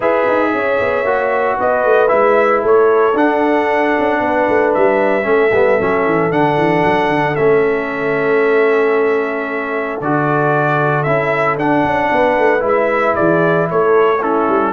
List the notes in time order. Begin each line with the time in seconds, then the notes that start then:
0.00 E4 G#4 B4 E5
0.27 D#4
0.53 C#4 C#5
0.79 B3
1.04 A#3 F#4
1.57 B3 B4 D#5
1.84 A3
2.07 G#3 E4 E5
2.61 A3 A4 C#5
3.13 D4 F#5
3.98 C#4
4.20 B3 B4
4.48 A3
4.74 G3 E5
5.23 A3 C#4 A4
5.52 G3 B3
5.79 F#3 C#4
6.05 E3
6.30 D3 D4 F#5
6.57 E3
6.84 F#3
7.08 D3
7.35 A3 C#4 E5
10.01 D3 F#4 D5
11.03 C#4 E4 E5
11.57 D4 F#5
11.84 C#4
12.11 B3 B4
12.38 A3
12.59 G#3 E4
12.67 E5
13.15 E3 G#4 D5
13.70 A3 A4 C#5
14.21 C#4 E4 A4
14.48 G3